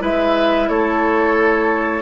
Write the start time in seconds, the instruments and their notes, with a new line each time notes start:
0.00 bassoon G#3, clarinet E4, oboe B4, flute E5
0.69 bassoon A3, oboe A4, flute C#5